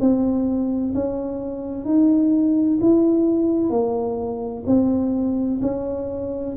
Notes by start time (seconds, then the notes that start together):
0.00 C4
0.95 C#4
1.85 D#4
2.81 E4
3.70 A#3
4.67 C4
5.62 C#4